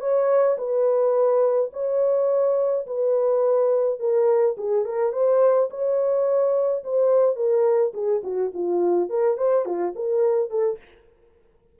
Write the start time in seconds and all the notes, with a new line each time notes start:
0.00 C#5
0.58 B4
1.73 C#5
2.86 B4
3.99 A#4
4.57 G#4
4.84 A#4
5.12 C5
5.70 C#5
6.84 C5
7.36 A#4
7.93 G#4
8.23 F#4
8.53 F4
9.09 A#4
9.37 C5
9.65 F4
9.95 A#4
10.50 A4